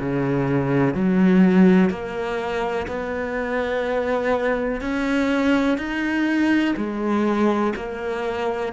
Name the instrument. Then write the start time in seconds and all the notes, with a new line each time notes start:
cello
0.00 C#3
0.94 F#3
1.90 A#3
2.88 B3
4.81 C#4
5.78 D#4
6.77 G#3
7.76 A#3